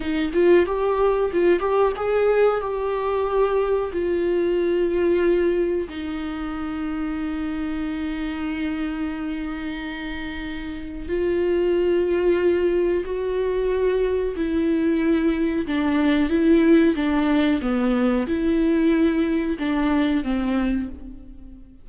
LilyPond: \new Staff \with { instrumentName = "viola" } { \time 4/4 \tempo 4 = 92 dis'8 f'8 g'4 f'8 g'8 gis'4 | g'2 f'2~ | f'4 dis'2.~ | dis'1~ |
dis'4 f'2. | fis'2 e'2 | d'4 e'4 d'4 b4 | e'2 d'4 c'4 | }